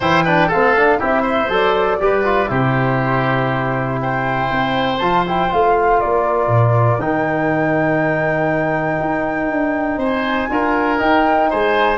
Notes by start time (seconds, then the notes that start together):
0.00 E3 E4 C5 G5
0.24 D4 B4
0.47 A3 A4 F5
0.53 C4
0.76 D4
0.99 C4 E4 G4 E5
1.21 C5
1.48 F#3 A4 D5
1.99 G3 G4 B4
2.24 F4
2.47 C3 E4 G4 C5
4.00 C5 G5
4.51 C4
4.98 F3 F4 A5
5.27 E4 G5
5.49 A3 F4 F5
5.99 A#3 A#4 D5
6.47 A#2
6.98 D#3 D#4 G5
9.00 D#4
9.50 D4
9.97 C4 C5 G#5
10.49 D4 F4 A#4
10.98 D#4 G5
11.49 G#3 C5 G#5